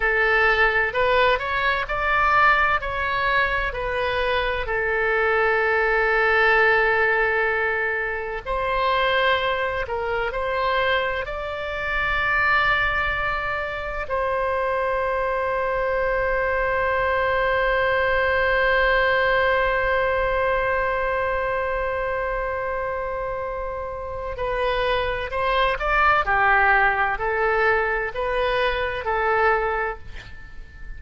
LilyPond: \new Staff \with { instrumentName = "oboe" } { \time 4/4 \tempo 4 = 64 a'4 b'8 cis''8 d''4 cis''4 | b'4 a'2.~ | a'4 c''4. ais'8 c''4 | d''2. c''4~ |
c''1~ | c''1~ | c''2 b'4 c''8 d''8 | g'4 a'4 b'4 a'4 | }